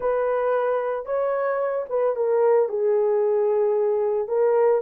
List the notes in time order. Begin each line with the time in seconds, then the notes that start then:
0.00 B4
1.05 C#5
1.89 B4
2.16 A#4
2.68 G#4
4.28 A#4